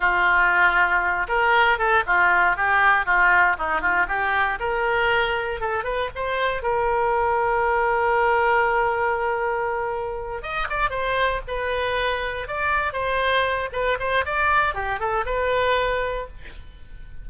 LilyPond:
\new Staff \with { instrumentName = "oboe" } { \time 4/4 \tempo 4 = 118 f'2~ f'8 ais'4 a'8 | f'4 g'4 f'4 dis'8 f'8 | g'4 ais'2 a'8 b'8 | c''4 ais'2.~ |
ais'1~ | ais'8 dis''8 d''8 c''4 b'4.~ | b'8 d''4 c''4. b'8 c''8 | d''4 g'8 a'8 b'2 | }